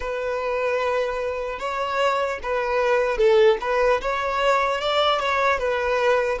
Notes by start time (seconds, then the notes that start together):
0.00 B4
1.59 C#5
2.42 B4
3.17 A4
3.60 B4
4.01 C#5
4.80 D5
5.19 C#5
5.58 B4